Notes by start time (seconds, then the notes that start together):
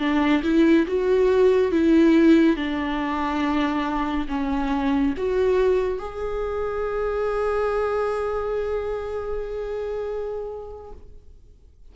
0.00 D4
0.44 E4
0.87 F#4
1.72 E4
2.57 D4
4.29 C#4
5.17 F#4
5.99 G#4